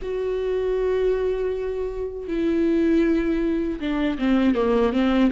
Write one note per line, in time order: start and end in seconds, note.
0.02 2.28 F#4
2.28 3.79 E4
3.80 4.18 D4
4.18 4.54 C4
4.54 4.92 A#3
4.92 5.30 C4